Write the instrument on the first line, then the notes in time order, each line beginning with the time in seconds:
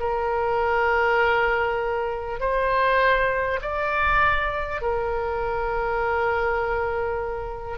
oboe
0.00 A#4
2.40 C5
3.62 D5
4.82 A#4